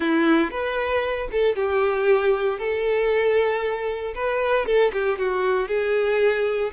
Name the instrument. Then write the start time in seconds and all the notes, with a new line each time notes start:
violin
0.00 E4
0.50 B4
1.31 A4
1.55 G4
2.58 A4
4.14 B4
4.66 A4
4.92 G4
5.18 F#4
5.68 G#4